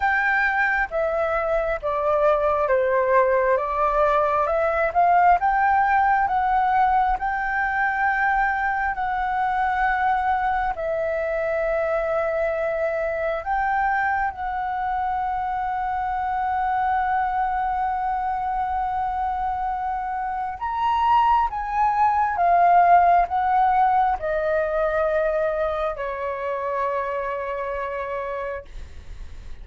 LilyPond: \new Staff \with { instrumentName = "flute" } { \time 4/4 \tempo 4 = 67 g''4 e''4 d''4 c''4 | d''4 e''8 f''8 g''4 fis''4 | g''2 fis''2 | e''2. g''4 |
fis''1~ | fis''2. ais''4 | gis''4 f''4 fis''4 dis''4~ | dis''4 cis''2. | }